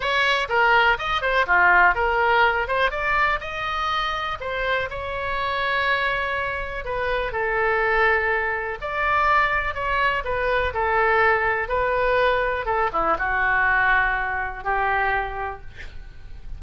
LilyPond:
\new Staff \with { instrumentName = "oboe" } { \time 4/4 \tempo 4 = 123 cis''4 ais'4 dis''8 c''8 f'4 | ais'4. c''8 d''4 dis''4~ | dis''4 c''4 cis''2~ | cis''2 b'4 a'4~ |
a'2 d''2 | cis''4 b'4 a'2 | b'2 a'8 e'8 fis'4~ | fis'2 g'2 | }